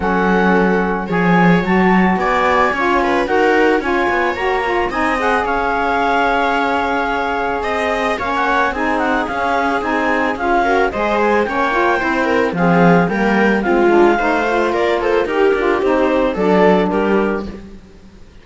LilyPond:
<<
  \new Staff \with { instrumentName = "clarinet" } { \time 4/4 \tempo 4 = 110 fis''2 gis''4 a''4 | gis''2 fis''4 gis''4 | ais''4 gis''8 fis''8 f''2~ | f''2 dis''4 f''16 fis''8. |
gis''8 fis''8 f''4 gis''4 f''4 | dis''8 gis''8 g''2 f''4 | g''4 f''2 d''8 c''8 | ais'4 c''4 d''4 ais'4 | }
  \new Staff \with { instrumentName = "viola" } { \time 4/4 a'2 cis''2 | d''4 cis''8 b'8 ais'4 cis''4~ | cis''4 dis''4 cis''2~ | cis''2 dis''4 cis''4 |
gis'2.~ gis'8 ais'8 | c''4 cis''4 c''8 ais'8 gis'4 | ais'4 f'4 c''4 ais'8 a'8 | g'2 a'4 g'4 | }
  \new Staff \with { instrumentName = "saxophone" } { \time 4/4 cis'2 gis'4 fis'4~ | fis'4 f'4 fis'4 f'4 | fis'8 f'8 dis'8 gis'2~ gis'8~ | gis'2. cis'4 |
dis'4 cis'4 dis'4 f'8 fis'8 | gis'4 cis'8 f'8 e'4 c'4 | ais4 c'8 d'8 dis'8 f'4. | g'8 f'8 dis'4 d'2 | }
  \new Staff \with { instrumentName = "cello" } { \time 4/4 fis2 f4 fis4 | b4 cis'4 dis'4 cis'8 b8 | ais4 c'4 cis'2~ | cis'2 c'4 ais4 |
c'4 cis'4 c'4 cis'4 | gis4 ais4 c'4 f4 | g4 gis4 a4 ais4 | dis'8 d'8 c'4 fis4 g4 | }
>>